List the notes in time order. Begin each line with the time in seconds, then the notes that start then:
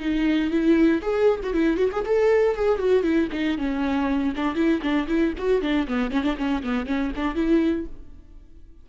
0.00 D#4
0.51 E4
1.02 G#4
1.44 F#4
1.54 E4
1.77 F#4
1.92 G#4
2.05 A4
2.56 G#4
2.79 F#4
3.03 E4
3.33 D#4
3.58 C#4
4.36 D4
4.55 E4
4.82 D4
5.08 E4
5.38 F#4
5.62 D4
5.88 B3
6.11 C#4
6.24 D4
6.37 C#4
6.63 B3
6.87 C#4
7.16 D4
7.35 E4